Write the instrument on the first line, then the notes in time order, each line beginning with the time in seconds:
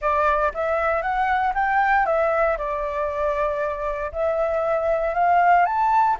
flute
0.01 D5
0.54 E5
1.02 F#5
1.54 G5
2.06 E5
2.57 D5
4.12 E5
5.14 F5
5.65 A5